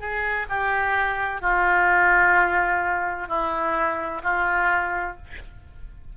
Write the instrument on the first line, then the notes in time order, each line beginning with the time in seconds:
oboe
0.00 G#4
0.49 G4
1.42 F4
3.29 E4
4.24 F4